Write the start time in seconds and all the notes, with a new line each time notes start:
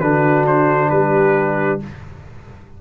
0.00 D3 D4 F#4 B4
0.46 C5
0.89 G3 G4 B4